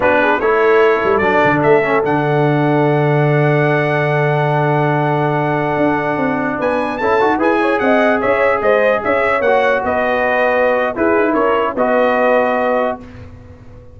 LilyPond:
<<
  \new Staff \with { instrumentName = "trumpet" } { \time 4/4 \tempo 4 = 148 b'4 cis''2 d''4 | e''4 fis''2.~ | fis''1~ | fis''1~ |
fis''16 gis''4 a''4 gis''4 fis''8.~ | fis''16 e''4 dis''4 e''4 fis''8.~ | fis''16 dis''2~ dis''8. b'4 | cis''4 dis''2. | }
  \new Staff \with { instrumentName = "horn" } { \time 4/4 fis'8 gis'8 a'2.~ | a'1~ | a'1~ | a'1~ |
a'16 b'4 a'4 b'8 cis''8 dis''8.~ | dis''16 cis''4 c''4 cis''4.~ cis''16~ | cis''16 b'2~ b'8. gis'4 | ais'4 b'2. | }
  \new Staff \with { instrumentName = "trombone" } { \time 4/4 d'4 e'2 d'4~ | d'8 cis'8 d'2.~ | d'1~ | d'1~ |
d'4~ d'16 e'8 fis'8 gis'4.~ gis'16~ | gis'2.~ gis'16 fis'8.~ | fis'2. e'4~ | e'4 fis'2. | }
  \new Staff \with { instrumentName = "tuba" } { \time 4/4 b4 a4. g8 fis8 d8 | a4 d2.~ | d1~ | d2~ d16 d'4 c'8.~ |
c'16 b4 cis'8 dis'8 e'4 c'8.~ | c'16 cis'4 gis4 cis'4 ais8.~ | ais16 b2~ b8. e'8 dis'8 | cis'4 b2. | }
>>